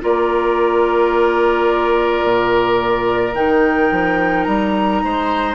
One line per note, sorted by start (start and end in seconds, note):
0.00 2.24 A#3
0.00 3.33 F4
0.00 5.03 A#4
0.00 3.35 D5
2.24 3.33 A#2
3.33 3.89 D#3
3.33 5.54 D#4
3.33 4.43 G5
3.91 4.46 F3
4.43 5.02 G3
4.43 5.54 A#5
5.03 5.54 G#3
5.03 5.54 C5